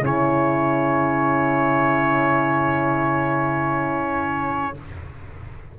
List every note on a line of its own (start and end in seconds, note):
0.00 4.74 C#3
0.00 4.74 C#4
0.00 4.74 E4
0.00 4.79 C#5